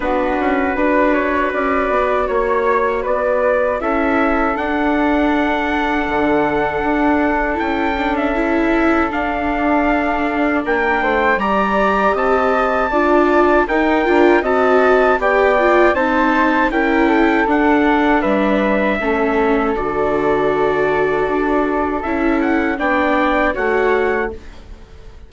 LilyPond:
<<
  \new Staff \with { instrumentName = "trumpet" } { \time 4/4 \tempo 4 = 79 b'2. cis''4 | d''4 e''4 fis''2~ | fis''2 g''8. e''4~ e''16 | f''2 g''4 ais''4 |
a''2 g''4 a''4 | g''4 a''4 g''4 fis''4 | e''2 d''2~ | d''4 e''8 fis''8 g''4 fis''4 | }
  \new Staff \with { instrumentName = "flute" } { \time 4/4 fis'4 b'8 cis''8 d''4 cis''4 | b'4 a'2.~ | a'1~ | a'2 ais'8 c''8 d''4 |
dis''4 d''4 ais'4 dis''4 | d''4 c''4 ais'8 a'4. | b'4 a'2.~ | a'2 d''4 cis''4 | }
  \new Staff \with { instrumentName = "viola" } { \time 4/4 d'4 fis'2.~ | fis'4 e'4 d'2~ | d'2 e'8 d'8 e'4 | d'2. g'4~ |
g'4 f'4 dis'8 f'8 fis'4 | g'8 f'8 dis'4 e'4 d'4~ | d'4 cis'4 fis'2~ | fis'4 e'4 d'4 fis'4 | }
  \new Staff \with { instrumentName = "bassoon" } { \time 4/4 b8 cis'8 d'4 cis'8 b8 ais4 | b4 cis'4 d'2 | d4 d'4 cis'2 | d'2 ais8 a8 g4 |
c'4 d'4 dis'8 d'8 c'4 | b4 c'4 cis'4 d'4 | g4 a4 d2 | d'4 cis'4 b4 a4 | }
>>